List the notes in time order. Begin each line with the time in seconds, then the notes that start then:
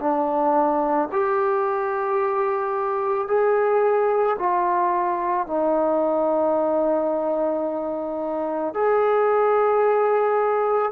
0.00 D4
1.13 G4
3.28 G#4
4.39 F4
5.47 D#4
8.74 G#4